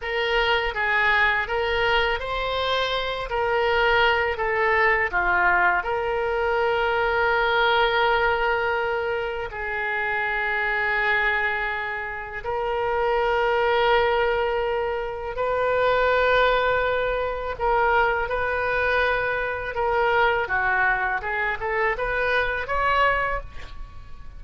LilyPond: \new Staff \with { instrumentName = "oboe" } { \time 4/4 \tempo 4 = 82 ais'4 gis'4 ais'4 c''4~ | c''8 ais'4. a'4 f'4 | ais'1~ | ais'4 gis'2.~ |
gis'4 ais'2.~ | ais'4 b'2. | ais'4 b'2 ais'4 | fis'4 gis'8 a'8 b'4 cis''4 | }